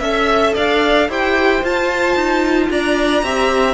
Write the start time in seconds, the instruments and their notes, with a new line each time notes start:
0.00 cello C#4, viola A4, violin E5
0.55 cello D4, violin D5 F5
1.09 cello E4, viola G4, violin C5 G5
1.63 cello F4, viola F4, violin A5
2.16 cello D#4
2.71 cello D4, violin D5 A#5
3.23 cello C4, viola G4, violin E5